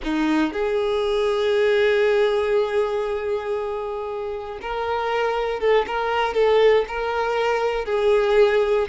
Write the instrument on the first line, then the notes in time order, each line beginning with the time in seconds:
violin
0.03 D#4
0.52 G#4
4.61 A#4
5.60 A4
5.87 A#4
6.34 A4
6.88 A#4
7.85 G#4